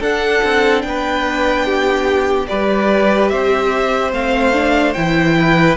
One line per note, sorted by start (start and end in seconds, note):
0.00 0.41 D4
0.00 2.48 D4
0.00 0.82 A4
0.00 0.82 F#5
0.43 0.84 C4
0.82 2.48 B3
0.82 2.46 G5
0.88 1.65 B4
1.65 2.47 G4
2.47 3.32 G3
2.47 4.12 G4
2.47 3.31 B4
2.47 3.29 D5
3.29 4.12 C4
3.29 5.36 C5
3.29 4.11 E5
4.12 4.95 A3
4.12 4.53 C4
4.12 4.93 F5
4.53 4.94 D4
4.93 5.77 E3
4.93 5.77 E4
4.93 5.76 G5
5.39 5.77 B4